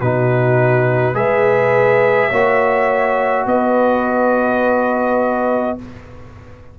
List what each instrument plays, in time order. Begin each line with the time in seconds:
0.00 tuba B2, trombone D#4, horn F#4, trumpet B4
1.14 tuba G#3, trombone G#4, horn B4, trumpet E5
2.29 tuba A#3, trombone F#4, horn C#5
3.46 tuba B3, horn B4, trumpet D#5